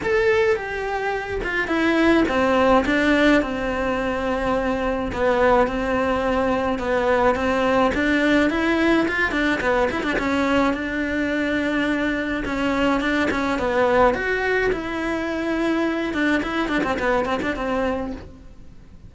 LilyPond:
\new Staff \with { instrumentName = "cello" } { \time 4/4 \tempo 4 = 106 a'4 g'4. f'8 e'4 | c'4 d'4 c'2~ | c'4 b4 c'2 | b4 c'4 d'4 e'4 |
f'8 d'8 b8 e'16 d'16 cis'4 d'4~ | d'2 cis'4 d'8 cis'8 | b4 fis'4 e'2~ | e'8 d'8 e'8 d'16 c'16 b8 c'16 d'16 c'4 | }